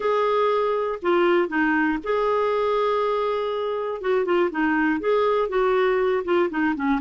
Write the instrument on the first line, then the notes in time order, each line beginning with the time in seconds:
clarinet
0.00 G#4
1.01 F4
1.48 D#4
2.03 G#4
4.01 F#4
4.25 F4
4.50 D#4
5.00 G#4
5.48 F#4
6.24 F4
6.50 D#4
6.75 C#4